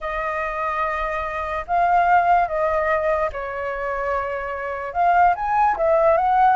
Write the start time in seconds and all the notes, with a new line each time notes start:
0.00 D#5
1.67 F5
2.48 D#5
3.32 C#5
4.93 F5
5.35 G#5
5.76 E5
6.17 F#5